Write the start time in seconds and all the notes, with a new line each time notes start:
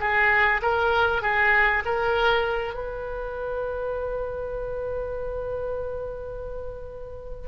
0.00 G#4
0.62 A#4
1.22 G#4
1.85 A#4
2.74 B4